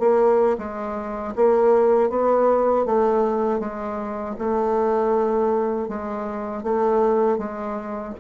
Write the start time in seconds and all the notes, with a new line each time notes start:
0.00 A#3
0.58 G#3
1.36 A#3
2.10 B3
2.86 A3
3.60 G#3
4.39 A3
5.89 G#3
6.64 A3
7.38 G#3